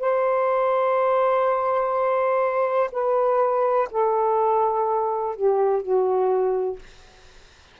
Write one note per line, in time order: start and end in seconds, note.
0.00 2.90 C5
2.92 3.88 B4
3.91 5.36 A4
5.36 5.82 G4
5.82 6.79 F#4